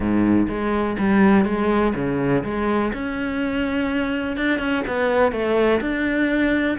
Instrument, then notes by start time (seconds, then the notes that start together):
cello
0.00 G#2
0.48 G#3
0.98 G3
1.45 G#3
1.95 C#3
2.43 G#3
2.93 C#4
4.36 D4
4.59 C#4
4.87 B3
5.32 A3
5.80 D4